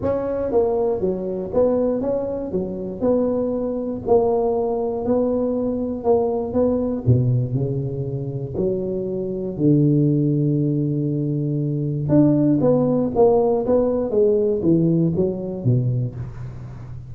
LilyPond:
\new Staff \with { instrumentName = "tuba" } { \time 4/4 \tempo 4 = 119 cis'4 ais4 fis4 b4 | cis'4 fis4 b2 | ais2 b2 | ais4 b4 b,4 cis4~ |
cis4 fis2 d4~ | d1 | d'4 b4 ais4 b4 | gis4 e4 fis4 b,4 | }